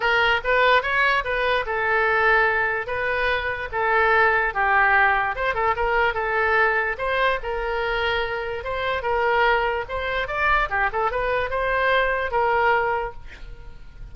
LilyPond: \new Staff \with { instrumentName = "oboe" } { \time 4/4 \tempo 4 = 146 ais'4 b'4 cis''4 b'4 | a'2. b'4~ | b'4 a'2 g'4~ | g'4 c''8 a'8 ais'4 a'4~ |
a'4 c''4 ais'2~ | ais'4 c''4 ais'2 | c''4 d''4 g'8 a'8 b'4 | c''2 ais'2 | }